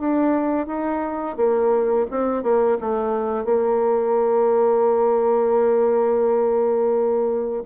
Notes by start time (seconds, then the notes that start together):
0.00 D4
0.67 D#4
1.37 A#3
2.11 C4
2.43 A#3
2.81 A3
3.45 A#3